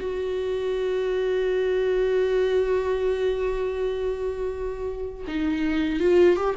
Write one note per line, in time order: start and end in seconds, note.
0.00 5.25 F#4
5.28 6.00 D#4
6.00 6.36 F4
6.36 6.55 G4